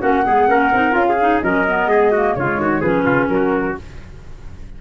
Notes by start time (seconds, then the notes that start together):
0.00 A#3 C#4 F#4 F#5
0.25 G#3 B3 G#4
0.48 A#3 C#4 A#4
0.73 C4 D#4
0.91 C#4 F4 F5
1.09 G#4
1.21 D#4
1.42 F#3 C#4 A#4 D#5
1.67 B3
1.86 G#3 G#4
2.11 A#3 F#4
2.35 C#3 G#3 F4 C#5
2.57 D#3 F#4
2.80 F3 C#4 G#4 B4
3.05 C#3 F4
3.28 F#3 A#4
3.34 F#4